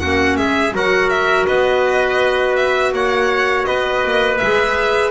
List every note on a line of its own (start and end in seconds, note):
0.00 0.38 A#3
0.00 0.72 C#4
0.00 0.38 F#4
0.00 0.37 F#5
0.37 0.73 G#3
0.37 0.75 G#4
0.37 0.74 E5
0.72 1.46 F#3
0.72 4.38 F#4
0.72 1.47 A#4
0.72 1.10 F#5
1.10 1.46 E5
1.47 2.93 B3
1.47 2.93 B4
1.47 2.56 D#5
2.56 2.93 E5
2.93 3.66 A#3
2.93 3.67 C#5
2.93 3.66 F#5
3.66 4.04 B3
3.66 5.11 B4
3.66 4.38 D#5
4.04 4.41 A#3
4.38 5.11 G#3
4.38 5.11 G#4
4.38 5.11 E5